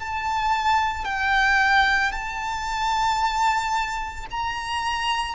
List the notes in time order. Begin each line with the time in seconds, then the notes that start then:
0.00 A5
1.05 G5
2.12 A5
4.31 A#5